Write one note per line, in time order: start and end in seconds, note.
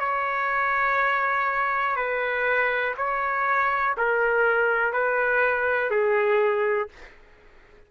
0.00 1.96 C#5
1.96 2.95 B4
2.97 3.96 C#5
3.97 4.93 A#4
4.93 5.91 B4
5.91 6.89 G#4